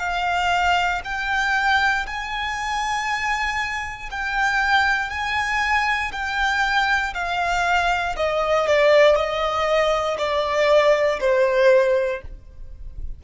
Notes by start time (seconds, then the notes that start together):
0.00 F5
1.04 G5
2.07 G#5
4.11 G5
5.10 G#5
6.12 G5
7.15 F5
8.17 D#5
8.68 D5
9.16 D#5
10.18 D5
11.20 C5